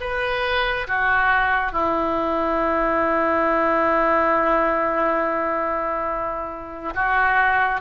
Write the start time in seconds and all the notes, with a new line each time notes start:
0.00 B4
0.87 F#4
1.72 E4
6.94 F#4